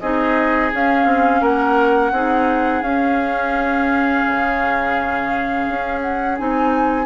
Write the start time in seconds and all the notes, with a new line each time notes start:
0.00 C4 D#4 G#4 D#5
0.73 C#4 F5
1.05 C4
1.41 A#3 A#4 F#5
2.12 C4 D#4 G#4
2.82 C#4 F5
4.26 C#3
5.69 C#4
6.01 F#5
6.37 C4 D#4 G#5